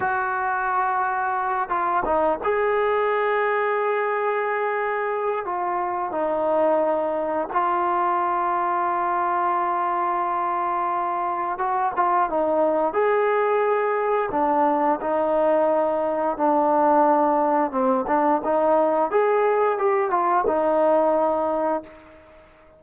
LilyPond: \new Staff \with { instrumentName = "trombone" } { \time 4/4 \tempo 4 = 88 fis'2~ fis'8 f'8 dis'8 gis'8~ | gis'1 | f'4 dis'2 f'4~ | f'1~ |
f'4 fis'8 f'8 dis'4 gis'4~ | gis'4 d'4 dis'2 | d'2 c'8 d'8 dis'4 | gis'4 g'8 f'8 dis'2 | }